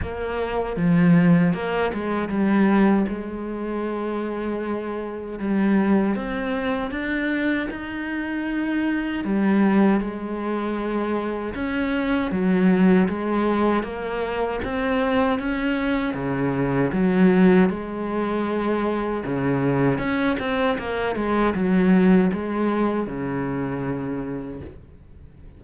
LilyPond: \new Staff \with { instrumentName = "cello" } { \time 4/4 \tempo 4 = 78 ais4 f4 ais8 gis8 g4 | gis2. g4 | c'4 d'4 dis'2 | g4 gis2 cis'4 |
fis4 gis4 ais4 c'4 | cis'4 cis4 fis4 gis4~ | gis4 cis4 cis'8 c'8 ais8 gis8 | fis4 gis4 cis2 | }